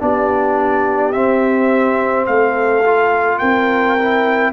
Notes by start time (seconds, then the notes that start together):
0.00 B3 D4 G4 D5
1.12 C4 E5
2.26 A3 A4 F5
2.85 F4
3.38 C4 A#4 G5
3.99 E4